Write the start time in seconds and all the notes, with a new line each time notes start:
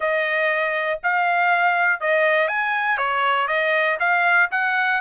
0.00 D#5
1.02 F5
2.00 D#5
2.48 G#5
2.97 C#5
3.47 D#5
3.99 F5
4.51 F#5